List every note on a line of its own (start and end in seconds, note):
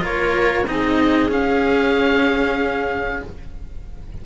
0.00 0.66 A#3
0.00 0.64 F4
0.00 0.68 A#4
0.00 0.68 C#5
0.68 1.32 C4
0.68 1.29 D#4
0.68 3.26 G#4
0.68 1.32 D#5
1.29 3.21 C#4
1.29 3.23 C#4
1.29 3.24 F5